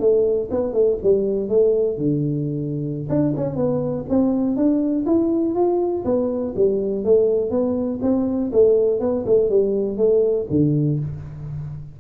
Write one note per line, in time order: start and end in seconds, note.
0.00 0.49 A3
0.51 0.73 B3
0.73 0.98 A3
1.03 1.49 G3
1.49 1.98 A3
1.98 3.08 D3
3.09 3.34 D4
3.37 3.56 C#4
3.56 4.05 B3
4.10 4.56 C4
4.56 5.05 D4
5.06 5.55 E4
5.55 6.04 F4
6.05 6.54 B3
6.56 7.04 G3
7.04 7.51 A3
7.51 8.00 B3
8.02 8.51 C4
8.52 9.00 A3
9.00 9.25 B3
9.26 9.50 A3
9.50 9.97 G3
9.97 10.47 A3
10.50 10.99 D3